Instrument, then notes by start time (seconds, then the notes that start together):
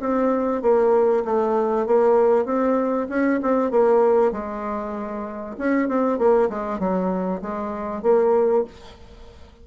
bassoon
0.00 C4
0.62 A#3
1.25 A3
1.86 A#3
2.45 C4
3.09 C#4
3.42 C4
3.71 A#3
4.32 G#3
5.58 C#4
5.88 C4
6.18 A#3
6.49 G#3
6.79 F#3
7.41 G#3
8.02 A#3